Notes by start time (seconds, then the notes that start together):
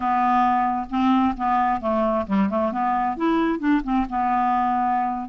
0.00 B3
0.89 C4
1.37 B3
1.80 A3
2.27 G3
2.49 A3
2.72 B3
3.16 E4
3.59 D4
3.83 C4
4.09 B3